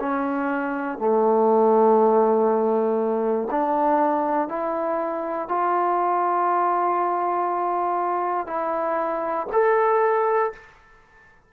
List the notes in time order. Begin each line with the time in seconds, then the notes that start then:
0.00 C#4
0.99 A3
3.51 D4
4.49 E4
5.49 F4
8.47 E4
9.53 A4